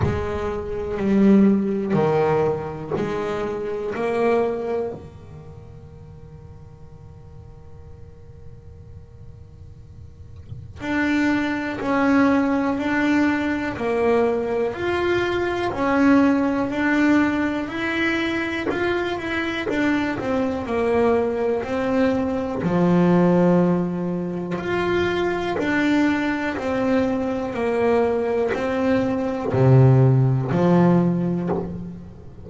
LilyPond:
\new Staff \with { instrumentName = "double bass" } { \time 4/4 \tempo 4 = 61 gis4 g4 dis4 gis4 | ais4 dis2.~ | dis2. d'4 | cis'4 d'4 ais4 f'4 |
cis'4 d'4 e'4 f'8 e'8 | d'8 c'8 ais4 c'4 f4~ | f4 f'4 d'4 c'4 | ais4 c'4 c4 f4 | }